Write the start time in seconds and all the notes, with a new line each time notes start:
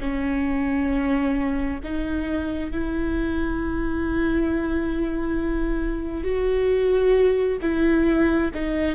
0.00 C#4
1.83 D#4
2.71 E4
6.24 F#4
7.61 E4
8.54 D#4